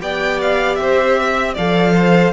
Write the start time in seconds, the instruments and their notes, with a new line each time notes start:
0.00 cello B3, viola G4, violin D5 G5
0.41 violin F5
0.75 cello C4, violin E5
0.81 violin C5
1.20 violin E5
1.54 cello F3, viola A4, violin D5 F5
1.95 violin C5